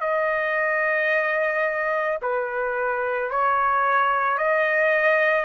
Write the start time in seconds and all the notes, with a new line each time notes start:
0.00 D#5
2.22 B4
3.30 C#5
4.38 D#5